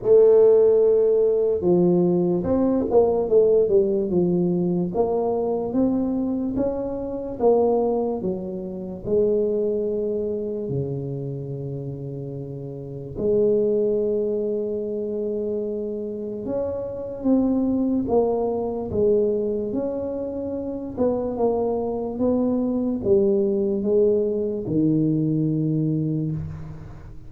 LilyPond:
\new Staff \with { instrumentName = "tuba" } { \time 4/4 \tempo 4 = 73 a2 f4 c'8 ais8 | a8 g8 f4 ais4 c'4 | cis'4 ais4 fis4 gis4~ | gis4 cis2. |
gis1 | cis'4 c'4 ais4 gis4 | cis'4. b8 ais4 b4 | g4 gis4 dis2 | }